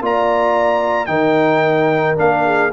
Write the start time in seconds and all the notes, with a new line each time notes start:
0.00 A#3 F4 D5 A#5
1.06 D#3 D#4 A#4 G5
2.16 A#3 D4 F5
2.45 G#4